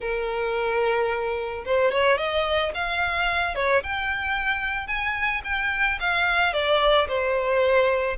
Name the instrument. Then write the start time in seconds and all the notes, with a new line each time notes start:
violin
0.00 A#4
1.65 C5
1.91 C#5
2.17 D#5
2.74 F5
3.55 C#5
3.83 G5
4.87 G#5
5.44 G5
6.00 F5
6.53 D5
7.08 C5